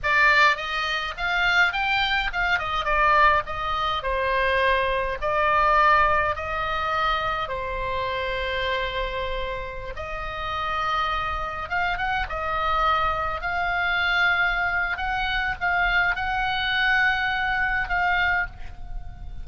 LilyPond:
\new Staff \with { instrumentName = "oboe" } { \time 4/4 \tempo 4 = 104 d''4 dis''4 f''4 g''4 | f''8 dis''8 d''4 dis''4 c''4~ | c''4 d''2 dis''4~ | dis''4 c''2.~ |
c''4~ c''16 dis''2~ dis''8.~ | dis''16 f''8 fis''8 dis''2 f''8.~ | f''2 fis''4 f''4 | fis''2. f''4 | }